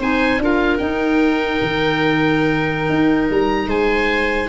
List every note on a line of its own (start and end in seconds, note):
0.00 0.38 C4
0.00 0.40 D#4
0.00 0.41 C5
0.00 0.42 G#5
0.38 0.78 D4
0.38 0.80 F4
0.38 3.69 A#4
0.45 0.78 F5
0.78 4.50 D#4
0.78 1.61 D#4
0.78 3.28 G5
1.62 2.90 D#3
2.90 3.30 D#4
3.30 3.67 G3
3.30 3.71 A#5
3.67 4.47 G#3
3.67 4.49 C5
3.67 4.50 G#5